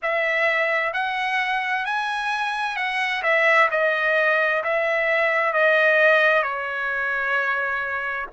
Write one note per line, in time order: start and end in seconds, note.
0.02 0.93 E5
0.93 1.85 F#5
1.85 2.76 G#5
2.76 3.22 F#5
3.22 3.68 E5
3.70 4.63 D#5
4.63 5.53 E5
5.53 6.42 D#5
6.42 8.27 C#5